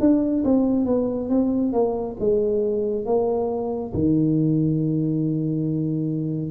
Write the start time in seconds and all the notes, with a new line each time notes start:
0.00 D4
0.44 C4
0.85 B3
1.29 C4
1.73 A#3
2.19 G#3
3.06 A#3
3.93 D#3